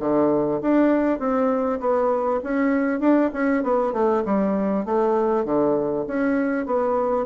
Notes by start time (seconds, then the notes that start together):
0.00 D3
0.62 D4
1.20 C4
1.80 B3
2.44 C#4
3.01 D4
3.34 C#4
3.64 B3
3.93 A3
4.26 G3
4.85 A3
5.45 D3
6.07 C#4
6.66 B3